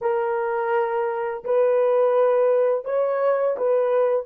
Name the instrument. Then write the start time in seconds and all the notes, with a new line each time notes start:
horn
0.01 A#4
1.44 B4
2.84 C#5
3.57 B4